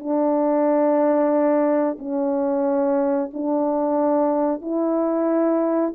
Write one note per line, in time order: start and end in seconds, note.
0.00 1.98 D4
1.99 3.31 C#4
3.34 4.62 D4
4.62 5.94 E4